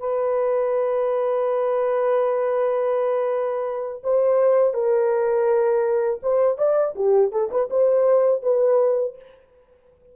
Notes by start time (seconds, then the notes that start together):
0.00 B4
4.04 C5
4.74 A#4
6.23 C5
6.59 D5
6.96 G4
7.32 A4
7.51 B4
7.71 C5
8.43 B4